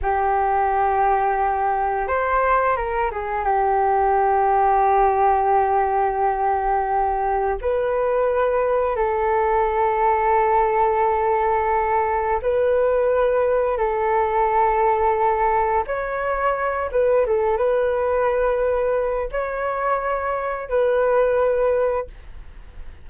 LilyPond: \new Staff \with { instrumentName = "flute" } { \time 4/4 \tempo 4 = 87 g'2. c''4 | ais'8 gis'8 g'2.~ | g'2. b'4~ | b'4 a'2.~ |
a'2 b'2 | a'2. cis''4~ | cis''8 b'8 a'8 b'2~ b'8 | cis''2 b'2 | }